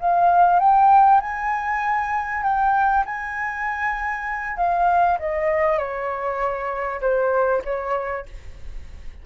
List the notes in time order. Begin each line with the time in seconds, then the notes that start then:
0.00 F5
0.60 G5
1.21 G#5
2.43 G5
3.06 G#5
4.57 F5
5.19 D#5
5.79 C#5
7.01 C5
7.65 C#5